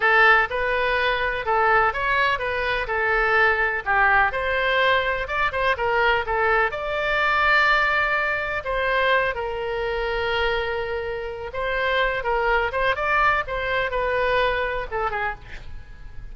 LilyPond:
\new Staff \with { instrumentName = "oboe" } { \time 4/4 \tempo 4 = 125 a'4 b'2 a'4 | cis''4 b'4 a'2 | g'4 c''2 d''8 c''8 | ais'4 a'4 d''2~ |
d''2 c''4. ais'8~ | ais'1 | c''4. ais'4 c''8 d''4 | c''4 b'2 a'8 gis'8 | }